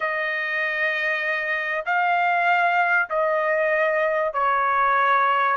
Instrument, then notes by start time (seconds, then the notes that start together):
trumpet
0.00 D#5
1.85 F5
3.09 D#5
4.33 C#5